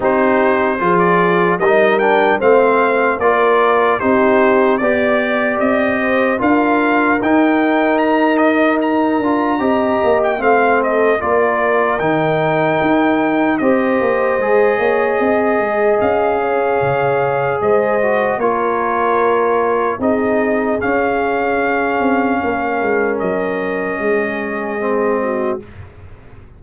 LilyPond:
<<
  \new Staff \with { instrumentName = "trumpet" } { \time 4/4 \tempo 4 = 75 c''4~ c''16 d''8. dis''8 g''8 f''4 | d''4 c''4 d''4 dis''4 | f''4 g''4 ais''8 dis''8 ais''4~ | ais''8. g''16 f''8 dis''8 d''4 g''4~ |
g''4 dis''2. | f''2 dis''4 cis''4~ | cis''4 dis''4 f''2~ | f''4 dis''2. | }
  \new Staff \with { instrumentName = "horn" } { \time 4/4 g'4 gis'4 ais'4 c''4 | ais'4 g'4 d''4. c''8 | ais'1 | dis''4 f''8 a'8 ais'2~ |
ais'4 c''4. cis''8 dis''4~ | dis''8 cis''4. c''4 ais'4~ | ais'4 gis'2. | ais'2 gis'4. fis'8 | }
  \new Staff \with { instrumentName = "trombone" } { \time 4/4 dis'4 f'4 dis'8 d'8 c'4 | f'4 dis'4 g'2 | f'4 dis'2~ dis'8 f'8 | g'4 c'4 f'4 dis'4~ |
dis'4 g'4 gis'2~ | gis'2~ gis'8 fis'8 f'4~ | f'4 dis'4 cis'2~ | cis'2. c'4 | }
  \new Staff \with { instrumentName = "tuba" } { \time 4/4 c'4 f4 g4 a4 | ais4 c'4 b4 c'4 | d'4 dis'2~ dis'8 d'8 | c'8 ais8 a4 ais4 dis4 |
dis'4 c'8 ais8 gis8 ais8 c'8 gis8 | cis'4 cis4 gis4 ais4~ | ais4 c'4 cis'4. c'8 | ais8 gis8 fis4 gis2 | }
>>